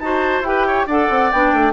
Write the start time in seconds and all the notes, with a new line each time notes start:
0.00 D#4 F#4 C5 A5
0.41 E4 G4 G5
0.48 B4
0.67 C#5
0.87 D4 A4 D5 F#5
1.10 C4
1.32 B3 D4 G5
1.53 A3